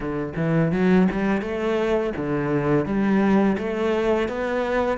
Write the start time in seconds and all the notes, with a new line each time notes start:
0.00 D3
0.36 E3
0.72 F#3
1.11 G3
1.41 A3
2.16 D3
2.85 G3
3.57 A3
4.28 B3